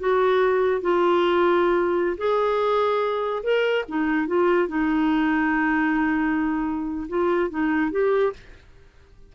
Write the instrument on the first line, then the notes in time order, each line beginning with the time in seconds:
clarinet
0.00 F#4
0.82 F4
2.18 G#4
3.43 A#4
3.89 D#4
4.27 F4
4.69 D#4
7.09 F4
7.50 D#4
7.91 G4